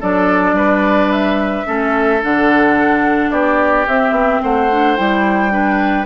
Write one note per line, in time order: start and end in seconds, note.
0.00 0.52 F#3
0.00 1.65 D4
0.00 0.55 A4
0.00 1.11 D5
0.52 1.62 G3
0.52 1.66 B4
1.12 2.22 E5
1.65 2.23 A3
1.65 2.20 C#4
1.65 3.31 A4
2.21 3.31 D3
2.21 3.86 D4
2.21 3.30 F#5
3.30 3.86 B3
3.30 4.41 G4
3.30 3.85 D5
3.87 4.11 C4
3.87 4.71 C4
3.87 4.42 E5
4.11 4.38 B3
4.42 4.98 A3
4.42 5.52 C5
4.42 4.96 F#5
4.71 4.96 D4
4.96 6.06 G3
4.96 5.50 E4
4.96 6.06 G5
5.50 6.05 D4
5.50 6.06 B4